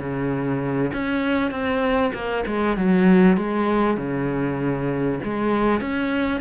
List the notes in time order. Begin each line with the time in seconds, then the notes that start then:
0.00 C#3
0.93 C#4
1.51 C4
2.14 A#3
2.47 G#3
2.77 F#3
3.37 G#3
3.97 C#3
5.24 G#3
5.81 C#4